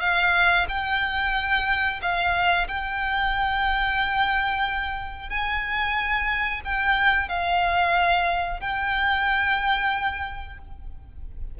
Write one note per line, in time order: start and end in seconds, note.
0.00 0.66 F5
0.68 2.00 G5
2.01 2.67 F5
2.68 5.29 G5
5.29 6.61 G#5
6.64 7.28 G5
7.28 8.60 F5
8.60 10.58 G5